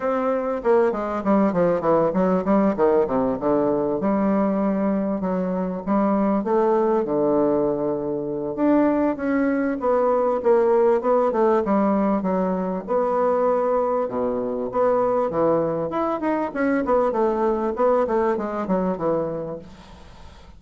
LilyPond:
\new Staff \with { instrumentName = "bassoon" } { \time 4/4 \tempo 4 = 98 c'4 ais8 gis8 g8 f8 e8 fis8 | g8 dis8 c8 d4 g4.~ | g8 fis4 g4 a4 d8~ | d2 d'4 cis'4 |
b4 ais4 b8 a8 g4 | fis4 b2 b,4 | b4 e4 e'8 dis'8 cis'8 b8 | a4 b8 a8 gis8 fis8 e4 | }